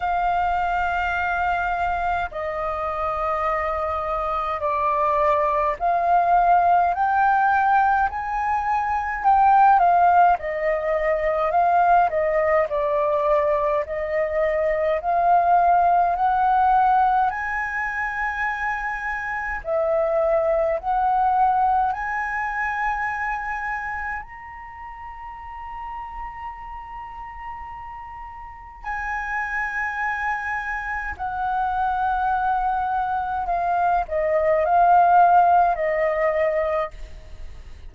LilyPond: \new Staff \with { instrumentName = "flute" } { \time 4/4 \tempo 4 = 52 f''2 dis''2 | d''4 f''4 g''4 gis''4 | g''8 f''8 dis''4 f''8 dis''8 d''4 | dis''4 f''4 fis''4 gis''4~ |
gis''4 e''4 fis''4 gis''4~ | gis''4 ais''2.~ | ais''4 gis''2 fis''4~ | fis''4 f''8 dis''8 f''4 dis''4 | }